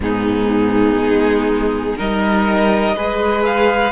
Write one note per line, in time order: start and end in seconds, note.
0.00 0.96 G#2
0.00 1.97 B3
0.00 1.96 D#4
0.00 1.98 G#4
0.96 1.94 G#3
1.96 2.95 G3
1.96 2.96 D#4
1.96 2.95 A#4
1.96 3.45 D#5
2.95 3.92 G#3
2.95 3.92 G#4
2.95 3.92 B4
3.45 3.92 F5